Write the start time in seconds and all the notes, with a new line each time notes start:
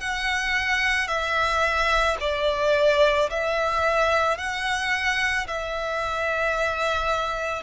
0.00 F#5
1.08 E5
2.20 D5
3.30 E5
4.37 F#5
5.47 E5